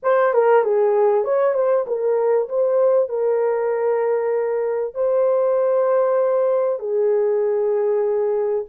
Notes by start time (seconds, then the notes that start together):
0.03 C5
0.33 A#4
0.63 G#4
1.24 C#5
1.54 C5
1.86 A#4
2.48 C5
3.08 A#4
4.94 C5
6.79 G#4